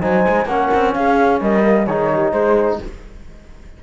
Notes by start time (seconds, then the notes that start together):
0.00 F#3 D#4 C5 G#5
0.28 G#3
0.45 A#3 C#4 A#4 F#5
0.73 C4
0.93 C#4 G#4 F5
1.40 G3 A#4 D#5
1.62 A#3
1.86 D#3 D#4 G#4 C#5
2.13 G4
2.32 G#3 G#4 C5